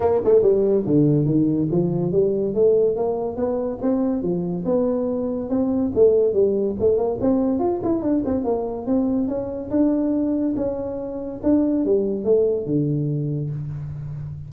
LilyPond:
\new Staff \with { instrumentName = "tuba" } { \time 4/4 \tempo 4 = 142 ais8 a8 g4 d4 dis4 | f4 g4 a4 ais4 | b4 c'4 f4 b4~ | b4 c'4 a4 g4 |
a8 ais8 c'4 f'8 e'8 d'8 c'8 | ais4 c'4 cis'4 d'4~ | d'4 cis'2 d'4 | g4 a4 d2 | }